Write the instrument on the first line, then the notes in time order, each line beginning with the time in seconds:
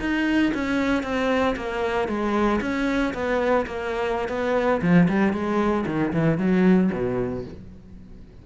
cello
0.00 D#4
0.54 C#4
1.03 C4
1.56 A#3
2.08 G#3
2.61 C#4
3.14 B3
3.66 A#3
4.29 B3
4.82 F3
5.08 G3
5.33 G#3
5.86 D#3
6.13 E3
6.38 F#3
6.92 B2